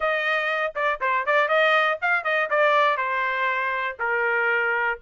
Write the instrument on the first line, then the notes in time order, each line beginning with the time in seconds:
trumpet
0.00 D#5
0.75 D5
1.00 C5
1.26 D5
1.48 D#5
2.01 F5
2.24 D#5
2.50 D5
2.97 C5
3.99 A#4